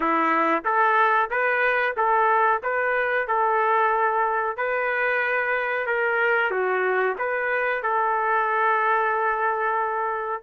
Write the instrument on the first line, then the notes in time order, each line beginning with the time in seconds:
trumpet
0.00 E4
0.64 A4
1.30 B4
1.96 A4
2.62 B4
3.27 A4
4.57 B4
5.86 A#4
6.50 F#4
7.18 B4
7.83 A4